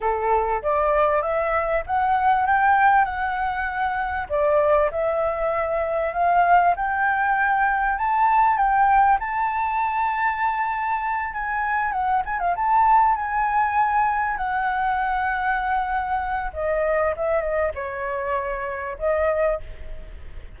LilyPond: \new Staff \with { instrumentName = "flute" } { \time 4/4 \tempo 4 = 98 a'4 d''4 e''4 fis''4 | g''4 fis''2 d''4 | e''2 f''4 g''4~ | g''4 a''4 g''4 a''4~ |
a''2~ a''8 gis''4 fis''8 | gis''16 f''16 a''4 gis''2 fis''8~ | fis''2. dis''4 | e''8 dis''8 cis''2 dis''4 | }